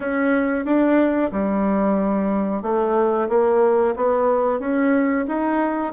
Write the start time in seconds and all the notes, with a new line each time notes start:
0.00 C#4
0.65 D4
1.31 G3
2.62 A3
3.28 A#3
3.96 B3
4.59 C#4
5.27 D#4